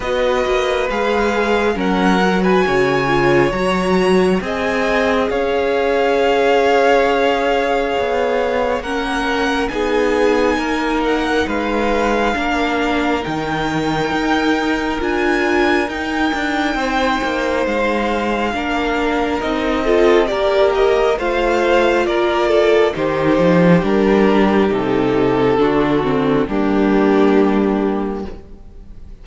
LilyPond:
<<
  \new Staff \with { instrumentName = "violin" } { \time 4/4 \tempo 4 = 68 dis''4 f''4 fis''8. gis''4~ gis''16 | ais''4 gis''4 f''2~ | f''2 fis''4 gis''4~ | gis''8 fis''8 f''2 g''4~ |
g''4 gis''4 g''2 | f''2 dis''4 d''8 dis''8 | f''4 d''4 c''4 ais'4 | a'2 g'2 | }
  \new Staff \with { instrumentName = "violin" } { \time 4/4 b'2 ais'8. b'16 cis''4~ | cis''4 dis''4 cis''2~ | cis''2 ais'4 gis'4 | ais'4 b'4 ais'2~ |
ais'2. c''4~ | c''4 ais'4. a'8 ais'4 | c''4 ais'8 a'8 g'2~ | g'4 fis'4 d'2 | }
  \new Staff \with { instrumentName = "viola" } { \time 4/4 fis'4 gis'4 cis'8 fis'4 f'8 | fis'4 gis'2.~ | gis'2 cis'4 dis'4~ | dis'2 d'4 dis'4~ |
dis'4 f'4 dis'2~ | dis'4 d'4 dis'8 f'8 g'4 | f'2 dis'4 d'4 | dis'4 d'8 c'8 ais2 | }
  \new Staff \with { instrumentName = "cello" } { \time 4/4 b8 ais8 gis4 fis4 cis4 | fis4 c'4 cis'2~ | cis'4 b4 ais4 b4 | ais4 gis4 ais4 dis4 |
dis'4 d'4 dis'8 d'8 c'8 ais8 | gis4 ais4 c'4 ais4 | a4 ais4 dis8 f8 g4 | c4 d4 g2 | }
>>